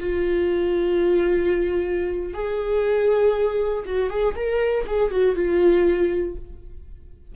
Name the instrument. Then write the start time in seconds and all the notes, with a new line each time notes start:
viola
0.00 F4
2.34 G#4
3.86 F#4
4.10 G#4
4.36 A#4
4.87 G#4
5.11 F#4
5.36 F4